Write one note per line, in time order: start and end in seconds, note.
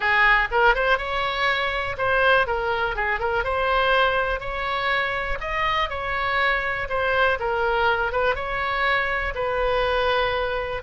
0.00 0.48 G#4
0.51 0.75 A#4
0.75 0.98 C5
0.98 1.96 C#5
1.97 2.46 C5
2.46 2.95 A#4
2.95 3.19 G#4
3.19 3.43 A#4
3.43 4.39 C5
4.39 5.38 C#5
5.40 5.89 D#5
5.89 6.88 C#5
6.89 7.38 C5
7.39 8.12 A#4
8.12 8.35 B4
8.35 9.33 C#5
9.34 10.82 B4